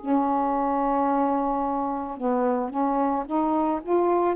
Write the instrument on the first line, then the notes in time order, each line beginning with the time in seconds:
saxophone
0.00 C#4
2.17 B3
2.70 C#4
3.26 D#4
3.82 F4